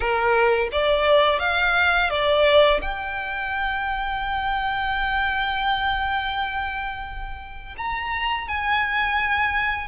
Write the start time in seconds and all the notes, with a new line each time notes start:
0.00 A#4
0.72 D5
1.39 F5
2.10 D5
2.81 G5
7.77 A#5
8.47 G#5